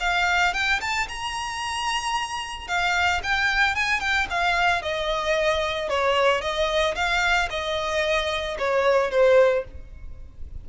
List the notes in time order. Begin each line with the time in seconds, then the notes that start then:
0.00 F5
0.53 G5
0.81 A5
1.08 A#5
2.67 F5
3.23 G5
3.75 G#5
4.00 G5
4.30 F5
4.82 D#5
5.89 C#5
6.41 D#5
6.95 F5
7.50 D#5
8.58 C#5
9.11 C5